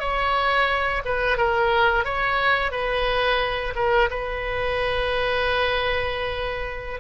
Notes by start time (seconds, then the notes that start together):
0.00 C#5
1.05 B4
1.37 A#4
2.05 C#5
2.72 B4
3.75 A#4
4.10 B4